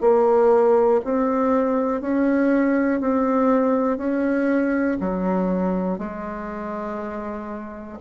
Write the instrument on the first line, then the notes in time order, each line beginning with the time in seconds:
bassoon
0.00 A#3
1.04 C4
2.01 C#4
3.00 C4
3.97 C#4
5.00 F#3
5.98 G#3